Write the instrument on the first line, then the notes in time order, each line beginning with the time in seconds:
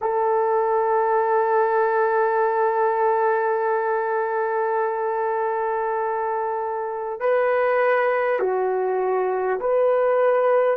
horn
0.01 A4
7.19 B4
8.39 F#4
9.59 B4